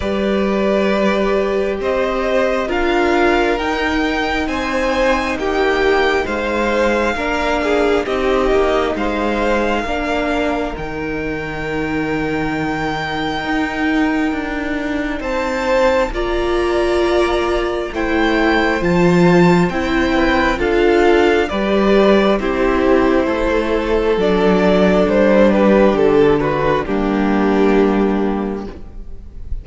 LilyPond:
<<
  \new Staff \with { instrumentName = "violin" } { \time 4/4 \tempo 4 = 67 d''2 dis''4 f''4 | g''4 gis''4 g''4 f''4~ | f''4 dis''4 f''2 | g''1~ |
g''4 a''4 ais''2 | g''4 a''4 g''4 f''4 | d''4 c''2 d''4 | c''8 b'8 a'8 b'8 g'2 | }
  \new Staff \with { instrumentName = "violin" } { \time 4/4 b'2 c''4 ais'4~ | ais'4 c''4 g'4 c''4 | ais'8 gis'8 g'4 c''4 ais'4~ | ais'1~ |
ais'4 c''4 d''2 | c''2~ c''8 b'8 a'4 | b'4 g'4 a'2~ | a'8 g'4 fis'8 d'2 | }
  \new Staff \with { instrumentName = "viola" } { \time 4/4 g'2. f'4 | dis'1 | d'4 dis'2 d'4 | dis'1~ |
dis'2 f'2 | e'4 f'4 e'4 f'4 | g'4 e'2 d'4~ | d'2 ais2 | }
  \new Staff \with { instrumentName = "cello" } { \time 4/4 g2 c'4 d'4 | dis'4 c'4 ais4 gis4 | ais4 c'8 ais8 gis4 ais4 | dis2. dis'4 |
d'4 c'4 ais2 | a4 f4 c'4 d'4 | g4 c'4 a4 fis4 | g4 d4 g2 | }
>>